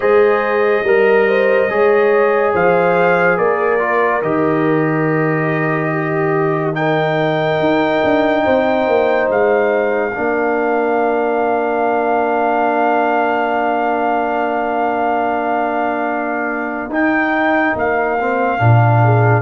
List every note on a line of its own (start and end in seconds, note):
0.00 0.83 G#3
0.00 0.84 G#4
0.00 0.85 C5
0.00 2.53 D#5
0.83 1.67 G3
0.83 1.27 A#4
0.83 1.69 A#4
1.28 1.70 C5
1.68 2.53 G#3
1.68 3.79 G#4
1.68 2.52 C#5
2.52 3.38 F3
2.52 3.37 C5
2.52 3.37 F5
3.37 4.22 A#3
3.37 5.90 A#4
3.37 4.22 D5
3.79 4.21 F4
4.22 7.59 D#3
4.22 6.73 G4
4.22 6.75 D#5
5.92 6.76 G4
6.73 10.11 D#4
6.73 8.44 A#4
6.73 9.28 G5
7.59 8.01 D#4
8.03 8.45 D4
8.44 8.87 C4
8.44 10.13 C5
8.87 9.29 A#3
9.29 10.14 G#3
9.29 16.91 F5
10.13 16.89 A#3
10.13 16.90 D4
10.13 19.00 A#4
16.89 17.73 D#4
16.89 18.18 D#4
16.89 17.76 G5
17.75 18.59 A#3
17.75 19.42 F5
18.19 18.58 C4
18.58 19.42 A#2
18.58 19.42 D4
19.03 19.42 G#4